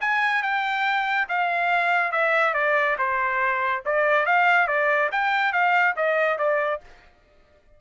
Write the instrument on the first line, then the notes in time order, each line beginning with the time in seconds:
trumpet
0.00 G#5
0.42 G5
1.28 F5
2.11 E5
2.54 D5
2.98 C5
3.85 D5
4.25 F5
4.67 D5
5.11 G5
5.52 F5
5.96 D#5
6.38 D5